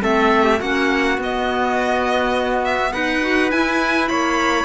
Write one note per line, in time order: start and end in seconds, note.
0.00 0.60 A3
0.00 0.58 C4
0.00 0.44 A4
0.00 0.61 E5
0.44 0.58 G4
0.59 1.17 A#3
0.59 1.18 C#4
0.59 2.92 F#4
0.59 1.19 F#5
1.17 2.92 B3
1.17 3.21 B3
1.17 2.64 D#5
2.64 2.92 E5
2.92 3.52 D#4
2.92 4.09 B4
2.92 3.50 F#5
3.21 3.50 F#4
3.50 4.64 E4
3.50 4.09 E4
3.50 4.08 G#5
4.08 4.64 A#3
4.08 4.64 C#5
4.08 4.64 B5